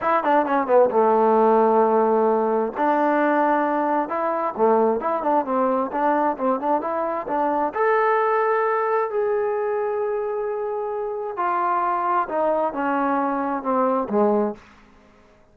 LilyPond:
\new Staff \with { instrumentName = "trombone" } { \time 4/4 \tempo 4 = 132 e'8 d'8 cis'8 b8 a2~ | a2 d'2~ | d'4 e'4 a4 e'8 d'8 | c'4 d'4 c'8 d'8 e'4 |
d'4 a'2. | gis'1~ | gis'4 f'2 dis'4 | cis'2 c'4 gis4 | }